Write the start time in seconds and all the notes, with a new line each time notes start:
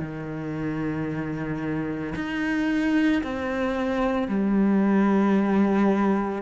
0.00 D#3
2.16 D#4
3.23 C4
4.28 G3